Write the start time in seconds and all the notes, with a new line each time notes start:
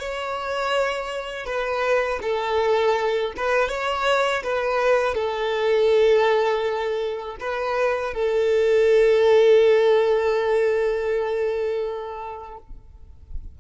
0.00 C#5
1.46 B4
2.22 A4
3.37 B4
3.69 C#5
4.44 B4
5.15 A4
7.40 B4
8.14 A4